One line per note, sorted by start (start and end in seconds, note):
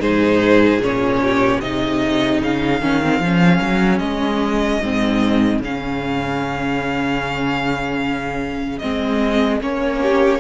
0.00 0.77 G#2
0.00 0.81 D#4
0.00 1.20 G#4
0.00 0.81 C5
0.77 1.57 A#2
0.77 1.62 C#4
0.77 1.61 C#5
1.22 1.61 G4
1.61 2.41 C3
1.61 2.82 D#4
1.61 10.01 G#4
1.61 2.41 D#5
2.42 2.81 C#3
2.42 3.99 F5
2.81 3.19 D#3
2.81 3.02 C#4
3.03 3.23 C4
3.19 3.59 F3
3.19 4.83 C#4
3.61 4.00 F#3
3.99 4.80 G#3
3.99 5.59 D#5
4.82 5.59 G#2
4.82 5.63 C4
5.59 8.79 C#3
5.59 8.82 C#4
5.59 8.79 F5
8.79 9.61 G#3
8.79 9.61 C4
8.79 9.59 D#5
9.61 10.40 A#3
9.61 10.40 C#4
9.61 10.40 C#5
10.02 10.40 G4